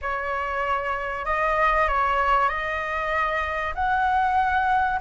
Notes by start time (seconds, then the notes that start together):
0.01 C#5
1.25 D#5
1.88 C#5
2.48 D#5
3.74 F#5